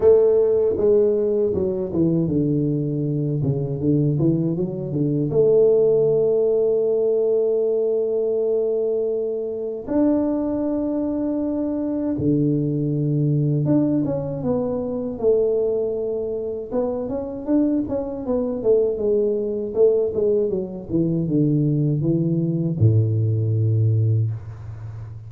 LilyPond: \new Staff \with { instrumentName = "tuba" } { \time 4/4 \tempo 4 = 79 a4 gis4 fis8 e8 d4~ | d8 cis8 d8 e8 fis8 d8 a4~ | a1~ | a4 d'2. |
d2 d'8 cis'8 b4 | a2 b8 cis'8 d'8 cis'8 | b8 a8 gis4 a8 gis8 fis8 e8 | d4 e4 a,2 | }